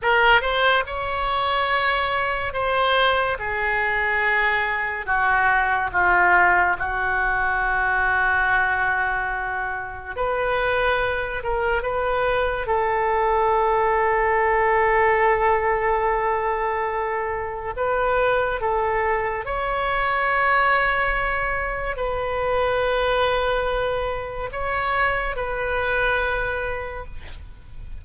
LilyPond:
\new Staff \with { instrumentName = "oboe" } { \time 4/4 \tempo 4 = 71 ais'8 c''8 cis''2 c''4 | gis'2 fis'4 f'4 | fis'1 | b'4. ais'8 b'4 a'4~ |
a'1~ | a'4 b'4 a'4 cis''4~ | cis''2 b'2~ | b'4 cis''4 b'2 | }